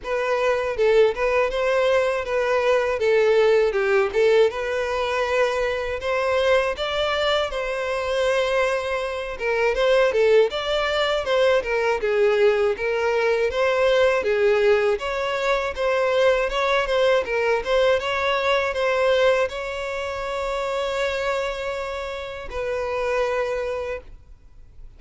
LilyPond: \new Staff \with { instrumentName = "violin" } { \time 4/4 \tempo 4 = 80 b'4 a'8 b'8 c''4 b'4 | a'4 g'8 a'8 b'2 | c''4 d''4 c''2~ | c''8 ais'8 c''8 a'8 d''4 c''8 ais'8 |
gis'4 ais'4 c''4 gis'4 | cis''4 c''4 cis''8 c''8 ais'8 c''8 | cis''4 c''4 cis''2~ | cis''2 b'2 | }